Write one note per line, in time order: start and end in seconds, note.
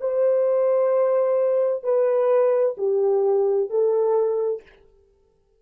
0.00 1.83 C5
1.83 2.76 B4
2.77 3.70 G4
3.70 4.62 A4